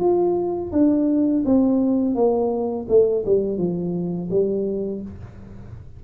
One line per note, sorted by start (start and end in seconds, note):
0.00 0.71 F4
0.72 1.44 D4
1.45 2.15 C4
2.15 2.86 A#3
2.89 3.24 A3
3.26 3.58 G3
3.58 4.29 F3
4.31 5.02 G3